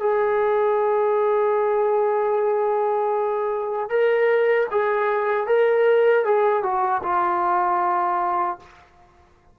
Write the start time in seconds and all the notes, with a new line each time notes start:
0.00 G#4
3.90 A#4
4.71 G#4
5.48 A#4
6.26 G#4
6.63 F#4
7.03 F4